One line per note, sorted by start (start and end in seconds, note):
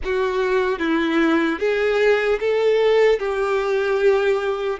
0.04 0.79 F#4
0.79 1.59 E4
1.59 2.39 G#4
2.40 3.19 A4
3.19 4.79 G4